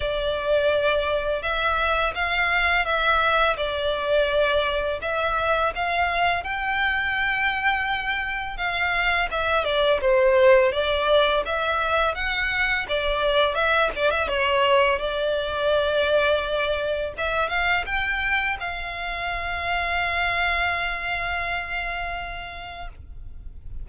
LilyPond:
\new Staff \with { instrumentName = "violin" } { \time 4/4 \tempo 4 = 84 d''2 e''4 f''4 | e''4 d''2 e''4 | f''4 g''2. | f''4 e''8 d''8 c''4 d''4 |
e''4 fis''4 d''4 e''8 d''16 e''16 | cis''4 d''2. | e''8 f''8 g''4 f''2~ | f''1 | }